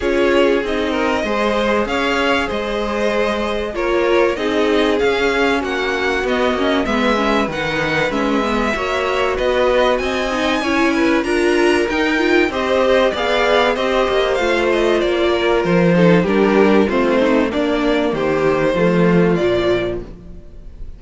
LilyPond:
<<
  \new Staff \with { instrumentName = "violin" } { \time 4/4 \tempo 4 = 96 cis''4 dis''2 f''4 | dis''2 cis''4 dis''4 | f''4 fis''4 dis''4 e''4 | fis''4 e''2 dis''4 |
gis''2 ais''4 g''4 | dis''4 f''4 dis''4 f''8 dis''8 | d''4 c''4 ais'4 c''4 | d''4 c''2 d''4 | }
  \new Staff \with { instrumentName = "violin" } { \time 4/4 gis'4. ais'8 c''4 cis''4 | c''2 ais'4 gis'4~ | gis'4 fis'2 b'4~ | b'2 cis''4 b'4 |
dis''4 cis''8 b'8 ais'2 | c''4 d''4 c''2~ | c''8 ais'4 a'8 g'4 f'8 dis'8 | d'4 g'4 f'2 | }
  \new Staff \with { instrumentName = "viola" } { \time 4/4 f'4 dis'4 gis'2~ | gis'2 f'4 dis'4 | cis'2 b8 cis'8 b8 cis'8 | dis'4 cis'8 b8 fis'2~ |
fis'8 dis'8 e'4 f'4 dis'8 f'8 | g'4 gis'4 g'4 f'4~ | f'4. dis'8 d'4 c'4 | ais2 a4 f4 | }
  \new Staff \with { instrumentName = "cello" } { \time 4/4 cis'4 c'4 gis4 cis'4 | gis2 ais4 c'4 | cis'4 ais4 b8 ais8 gis4 | dis4 gis4 ais4 b4 |
c'4 cis'4 d'4 dis'4 | c'4 b4 c'8 ais8 a4 | ais4 f4 g4 a4 | ais4 dis4 f4 ais,4 | }
>>